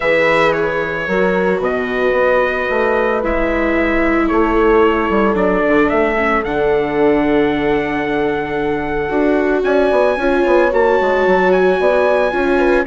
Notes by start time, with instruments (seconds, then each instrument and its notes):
0.00 bassoon E3, viola G#4, horn B4, trumpet E5
0.52 trumpet C#5
1.07 bassoon F#3, viola F#4, horn A#4
1.58 bassoon B2, horn B4, trumpet D#5
2.12 bassoon B3
2.70 bassoon A3
3.22 bassoon G#3, viola E4, trumpet E5
4.27 bassoon A3, horn A4, trumpet C#5
5.09 bassoon G3
5.34 bassoon F#3, viola D4, trumpet D5
5.67 bassoon D3
5.89 bassoon A3, trumpet E5
6.16 viola C#4
6.43 bassoon D3, viola D4, trumpet F#5
9.08 bassoon D4, viola F#4
9.62 bassoon C#4, horn D5, trumpet G#5
9.91 bassoon B3
10.16 bassoon C#4, viola F4, horn C#5
10.45 bassoon B3
10.70 bassoon A#3, viola F#4, trumpet A5
11.00 bassoon G#3
11.26 bassoon F#3
11.51 trumpet G#5
11.79 bassoon B3, horn D5
12.31 bassoon C#4, viola F4, horn C#5
12.58 horn B4